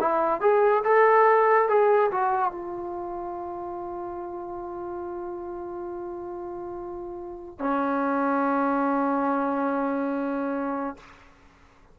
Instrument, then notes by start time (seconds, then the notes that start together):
trombone
0.00 E4
0.41 G#4
0.84 A4
1.69 G#4
2.11 F#4
2.52 F4
7.59 C#4